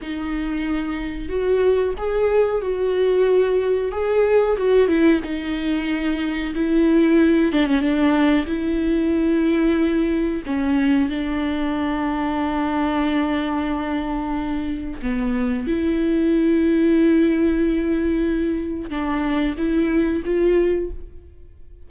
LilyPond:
\new Staff \with { instrumentName = "viola" } { \time 4/4 \tempo 4 = 92 dis'2 fis'4 gis'4 | fis'2 gis'4 fis'8 e'8 | dis'2 e'4. d'16 cis'16 | d'4 e'2. |
cis'4 d'2.~ | d'2. b4 | e'1~ | e'4 d'4 e'4 f'4 | }